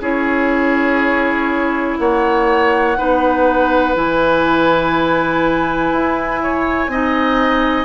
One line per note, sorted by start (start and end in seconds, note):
0.00 1.97 C#4
0.00 2.97 E4
0.00 1.98 G#4
0.00 1.98 C#5
1.98 2.97 A#3
1.98 2.98 C#5
1.98 3.95 F#5
2.97 3.95 B3
2.97 3.95 D#4
2.97 6.42 B4
3.95 5.92 E3
3.95 6.90 E4
3.95 7.85 G#5
5.92 6.87 E4
6.42 6.91 C#5
6.87 7.85 C4
6.87 7.85 D#4
6.87 7.85 D#5